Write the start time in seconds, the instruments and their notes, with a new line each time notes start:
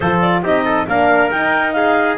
0.00 double bass F3, horn F4, trumpet A4, clarinet C5
0.21 clarinet D5
0.42 double bass C4, horn D#4, trumpet G4, clarinet D#5
0.64 trumpet A4
0.87 double bass A#3, horn D4, trumpet A#4, clarinet F5
1.31 horn D#4, double bass D#4, clarinet G5
1.72 trumpet G#4, clarinet F5